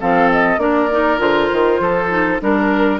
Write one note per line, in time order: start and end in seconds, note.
0.00 0.58 F3
0.00 0.59 C4
0.00 0.60 A4
0.00 0.31 F5
0.32 0.60 D#5
0.58 1.18 A#3
0.58 0.89 D4
0.58 1.81 A#4
0.58 1.20 D5
0.91 1.18 D#4
1.18 1.49 D3
1.18 2.08 F4
1.18 2.41 C5
1.53 1.80 D#3
1.80 2.40 F3
1.80 2.41 A4
2.09 2.39 D#4
2.40 3.00 G3
2.40 3.00 D4
2.40 3.00 A#4